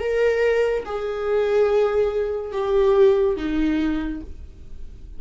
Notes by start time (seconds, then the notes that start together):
0.00 A#4
0.85 G#4
2.52 G4
3.37 D#4